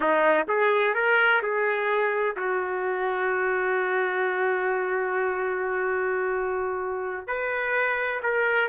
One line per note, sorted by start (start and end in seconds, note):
0.00 0.45 D#4
0.48 0.94 G#4
0.94 1.41 A#4
1.42 2.36 G#4
2.36 7.27 F#4
7.27 8.20 B4
8.22 8.68 A#4